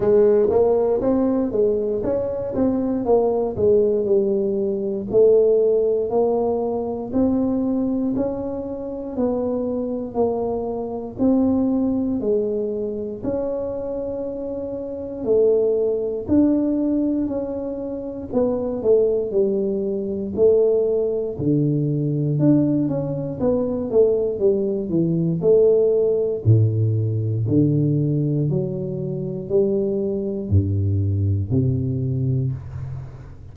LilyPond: \new Staff \with { instrumentName = "tuba" } { \time 4/4 \tempo 4 = 59 gis8 ais8 c'8 gis8 cis'8 c'8 ais8 gis8 | g4 a4 ais4 c'4 | cis'4 b4 ais4 c'4 | gis4 cis'2 a4 |
d'4 cis'4 b8 a8 g4 | a4 d4 d'8 cis'8 b8 a8 | g8 e8 a4 a,4 d4 | fis4 g4 g,4 c4 | }